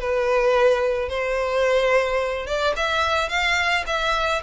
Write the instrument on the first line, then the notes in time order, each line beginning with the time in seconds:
violin
0.00 B4
1.08 C5
2.46 D5
2.76 E5
3.29 F5
3.86 E5